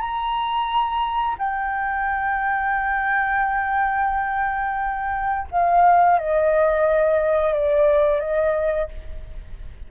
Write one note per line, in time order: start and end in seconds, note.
0.00 1.36 A#5
1.38 5.47 G5
5.51 6.19 F5
6.19 7.53 D#5
7.53 8.20 D5
8.20 8.88 D#5